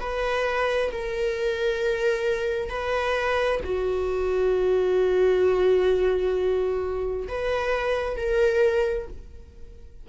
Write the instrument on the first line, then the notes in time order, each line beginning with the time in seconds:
viola
0.00 B4
0.92 A#4
2.69 B4
3.64 F#4
7.29 B4
8.17 A#4